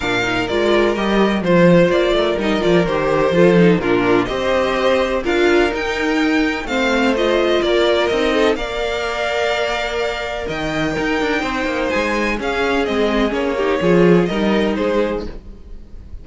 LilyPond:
<<
  \new Staff \with { instrumentName = "violin" } { \time 4/4 \tempo 4 = 126 f''4 d''4 dis''4 c''4 | d''4 dis''8 d''8 c''2 | ais'4 dis''2 f''4 | g''2 f''4 dis''4 |
d''4 dis''4 f''2~ | f''2 g''2~ | g''4 gis''4 f''4 dis''4 | cis''2 dis''4 c''4 | }
  \new Staff \with { instrumentName = "violin" } { \time 4/4 ais'2. c''4~ | c''8 ais'2~ ais'8 a'4 | f'4 c''2 ais'4~ | ais'2 c''2 |
ais'4. a'8 d''2~ | d''2 dis''4 ais'4 | c''2 gis'2~ | gis'8 g'8 gis'4 ais'4 gis'4 | }
  \new Staff \with { instrumentName = "viola" } { \time 4/4 d'8 dis'8 f'4 g'4 f'4~ | f'4 dis'8 f'8 g'4 f'8 dis'8 | d'4 g'2 f'4 | dis'2 c'4 f'4~ |
f'4 dis'4 ais'2~ | ais'2. dis'4~ | dis'2 cis'4 c'4 | cis'8 dis'8 f'4 dis'2 | }
  \new Staff \with { instrumentName = "cello" } { \time 4/4 ais,4 gis4 g4 f4 | ais8 a8 g8 f8 dis4 f4 | ais,4 c'2 d'4 | dis'2 a2 |
ais4 c'4 ais2~ | ais2 dis4 dis'8 d'8 | c'8 ais8 gis4 cis'4 gis4 | ais4 f4 g4 gis4 | }
>>